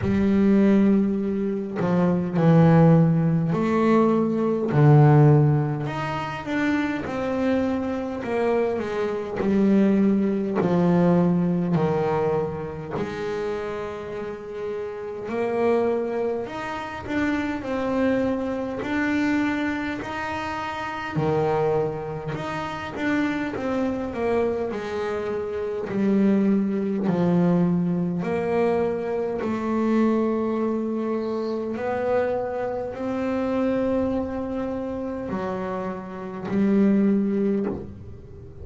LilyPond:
\new Staff \with { instrumentName = "double bass" } { \time 4/4 \tempo 4 = 51 g4. f8 e4 a4 | d4 dis'8 d'8 c'4 ais8 gis8 | g4 f4 dis4 gis4~ | gis4 ais4 dis'8 d'8 c'4 |
d'4 dis'4 dis4 dis'8 d'8 | c'8 ais8 gis4 g4 f4 | ais4 a2 b4 | c'2 fis4 g4 | }